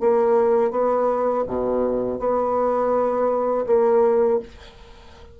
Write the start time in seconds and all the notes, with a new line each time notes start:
0.00 A#3
0.71 B3
1.47 B2
2.19 B3
3.67 A#3